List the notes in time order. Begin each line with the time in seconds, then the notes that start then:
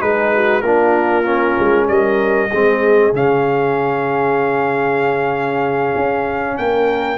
0.00 G#3 D#4 G#4 B4
0.35 F#4
0.61 A#3 D4 F4 A#4
1.24 C#4
1.59 G#3
1.88 G3 A#4 D#5
2.50 G#3 C4 G#4
3.13 C#3 C#4 F5
5.96 C#4
6.58 A#3 A#4 G5